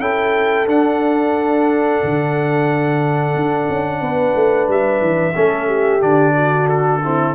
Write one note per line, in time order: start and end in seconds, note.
0.00 0.67 C#4
0.00 0.67 E4
0.00 4.01 A4
0.00 0.67 G5
0.67 2.00 D4
0.67 5.34 D4
0.67 4.70 F#5
2.04 3.36 D3
3.36 3.69 D4
3.70 4.01 C#4
4.01 4.34 B3
4.01 5.36 B4
4.35 4.69 A3
4.69 5.01 G3
4.69 6.02 E5
5.01 5.35 E3
5.36 6.02 A3
5.36 6.01 C#4
5.36 5.67 A4
5.67 6.34 G4
6.01 7.35 D3
6.01 7.01 D4
6.01 6.68 D5
6.35 7.01 F#4
6.69 7.35 A4
7.04 7.35 C4
7.04 7.35 E4